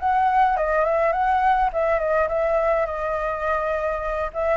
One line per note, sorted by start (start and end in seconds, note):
0.00 0.57 F#5
0.57 0.85 D#5
0.85 1.13 E5
1.13 1.70 F#5
1.73 1.99 E5
1.99 2.28 D#5
2.29 2.86 E5
2.86 4.31 D#5
4.34 4.58 E5